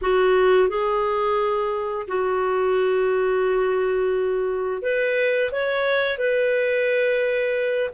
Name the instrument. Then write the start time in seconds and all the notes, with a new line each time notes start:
clarinet
0.01 F#4
0.69 G#4
2.07 F#4
4.82 B4
5.51 C#5
6.18 B4